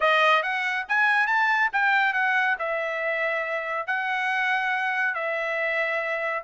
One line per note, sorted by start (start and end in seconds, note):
0.00 0.42 D#5
0.42 0.85 F#5
0.88 1.26 G#5
1.26 1.69 A5
1.72 2.13 G5
2.13 2.56 F#5
2.58 3.86 E5
3.86 5.14 F#5
5.14 6.43 E5